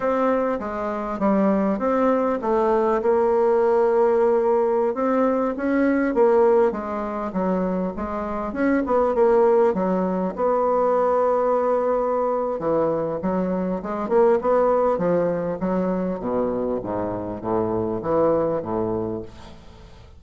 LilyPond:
\new Staff \with { instrumentName = "bassoon" } { \time 4/4 \tempo 4 = 100 c'4 gis4 g4 c'4 | a4 ais2.~ | ais16 c'4 cis'4 ais4 gis8.~ | gis16 fis4 gis4 cis'8 b8 ais8.~ |
ais16 fis4 b2~ b8.~ | b4 e4 fis4 gis8 ais8 | b4 f4 fis4 b,4 | gis,4 a,4 e4 a,4 | }